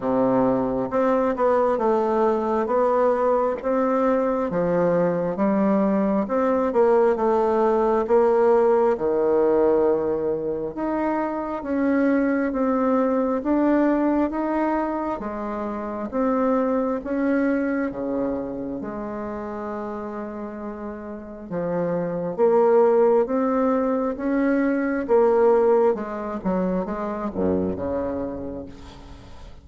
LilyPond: \new Staff \with { instrumentName = "bassoon" } { \time 4/4 \tempo 4 = 67 c4 c'8 b8 a4 b4 | c'4 f4 g4 c'8 ais8 | a4 ais4 dis2 | dis'4 cis'4 c'4 d'4 |
dis'4 gis4 c'4 cis'4 | cis4 gis2. | f4 ais4 c'4 cis'4 | ais4 gis8 fis8 gis8 fis,8 cis4 | }